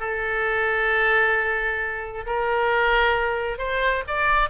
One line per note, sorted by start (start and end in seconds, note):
0.00 2.26 A4
2.26 3.58 A#4
3.58 4.03 C5
4.07 4.49 D5